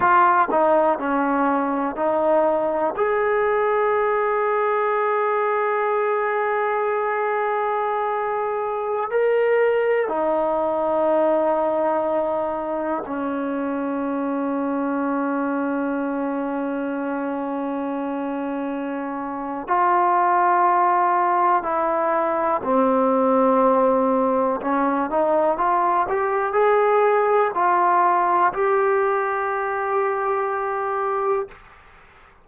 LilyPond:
\new Staff \with { instrumentName = "trombone" } { \time 4/4 \tempo 4 = 61 f'8 dis'8 cis'4 dis'4 gis'4~ | gis'1~ | gis'4~ gis'16 ais'4 dis'4.~ dis'16~ | dis'4~ dis'16 cis'2~ cis'8.~ |
cis'1 | f'2 e'4 c'4~ | c'4 cis'8 dis'8 f'8 g'8 gis'4 | f'4 g'2. | }